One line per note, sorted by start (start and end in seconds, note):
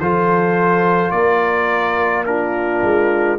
0.00 1.12 F3
0.00 2.26 F4
0.00 1.14 A4
0.00 1.11 C5
1.11 2.82 A#3
1.11 2.27 A#4
1.11 2.25 D5
2.26 3.39 D4
2.26 3.39 F4
2.26 3.39 A#4
2.83 3.39 G#3